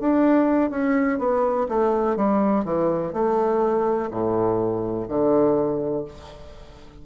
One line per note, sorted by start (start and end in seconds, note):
0.00 0.70 D4
0.70 1.18 C#4
1.18 1.67 B3
1.68 2.16 A3
2.16 2.64 G3
2.64 3.13 E3
3.13 4.10 A3
4.10 5.07 A2
5.08 6.04 D3